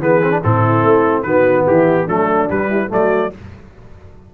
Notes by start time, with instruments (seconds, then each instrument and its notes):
0.00 tuba E3, trombone B3, horn G#4, trumpet B4
0.22 trombone C4
0.31 trombone D4
0.43 tuba A2, trombone C4, horn E4, trumpet A4
0.83 tuba A3
1.22 tuba D#3, trombone B3, horn F#4, trumpet B4
1.67 tuba E3, horn E4, trumpet G4
2.06 tuba F#3, trombone A3, horn D4, trumpet A4
2.49 tuba G3, trombone G3, trumpet B4
2.69 horn E4
2.89 tuba F#3, trombone A3, horn F#4, trumpet D5